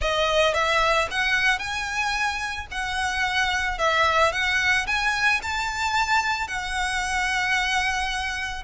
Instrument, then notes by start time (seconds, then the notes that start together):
violin
0.01 D#5
0.54 E5
1.10 F#5
1.58 G#5
2.71 F#5
3.78 E5
4.32 F#5
4.86 G#5
5.42 A5
6.47 F#5